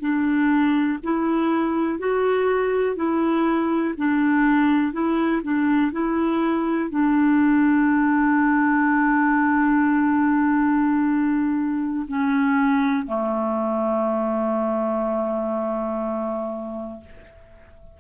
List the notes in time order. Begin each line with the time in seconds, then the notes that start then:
0.00 D4
1.03 E4
1.99 F#4
2.96 E4
3.97 D4
4.93 E4
5.43 D4
5.92 E4
6.90 D4
12.08 C#4
13.07 A3